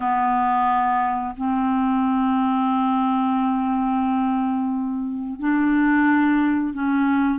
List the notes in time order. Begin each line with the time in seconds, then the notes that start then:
0.00 B3
1.37 C4
5.39 D4
6.73 C#4